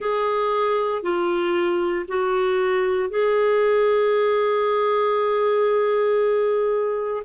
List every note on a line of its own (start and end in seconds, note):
0.00 1.02 G#4
1.02 2.05 F4
2.07 3.09 F#4
3.09 7.23 G#4